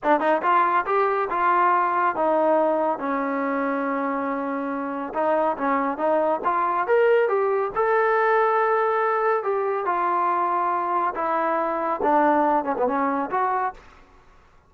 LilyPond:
\new Staff \with { instrumentName = "trombone" } { \time 4/4 \tempo 4 = 140 d'8 dis'8 f'4 g'4 f'4~ | f'4 dis'2 cis'4~ | cis'1 | dis'4 cis'4 dis'4 f'4 |
ais'4 g'4 a'2~ | a'2 g'4 f'4~ | f'2 e'2 | d'4. cis'16 b16 cis'4 fis'4 | }